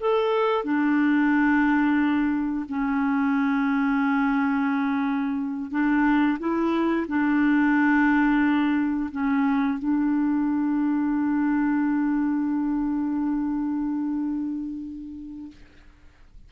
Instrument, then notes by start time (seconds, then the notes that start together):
clarinet
0.00 A4
0.64 D4
2.69 C#4
5.71 D4
6.39 E4
7.08 D4
9.11 C#4
9.78 D4